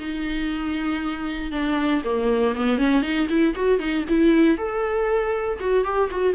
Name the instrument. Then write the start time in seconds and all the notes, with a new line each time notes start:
viola
0.00 D#4
1.52 D4
2.05 A#3
2.55 B3
2.78 C#4
3.03 D#4
3.30 E4
3.56 F#4
3.80 D#4
4.09 E4
4.58 A4
5.61 F#4
5.85 G4
6.11 F#4